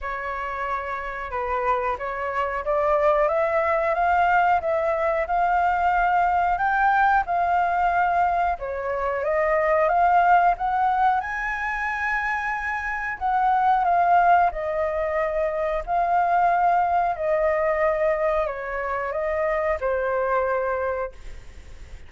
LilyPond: \new Staff \with { instrumentName = "flute" } { \time 4/4 \tempo 4 = 91 cis''2 b'4 cis''4 | d''4 e''4 f''4 e''4 | f''2 g''4 f''4~ | f''4 cis''4 dis''4 f''4 |
fis''4 gis''2. | fis''4 f''4 dis''2 | f''2 dis''2 | cis''4 dis''4 c''2 | }